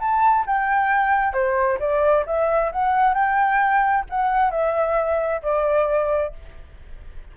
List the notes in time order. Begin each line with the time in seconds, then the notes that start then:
0.00 A5
0.47 G5
1.33 C5
1.80 D5
2.26 E5
2.73 F#5
3.14 G5
4.10 F#5
4.51 E5
5.43 D5